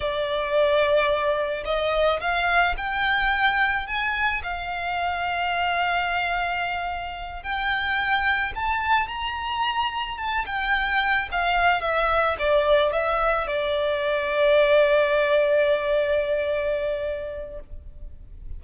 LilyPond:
\new Staff \with { instrumentName = "violin" } { \time 4/4 \tempo 4 = 109 d''2. dis''4 | f''4 g''2 gis''4 | f''1~ | f''4. g''2 a''8~ |
a''8 ais''2 a''8 g''4~ | g''8 f''4 e''4 d''4 e''8~ | e''8 d''2.~ d''8~ | d''1 | }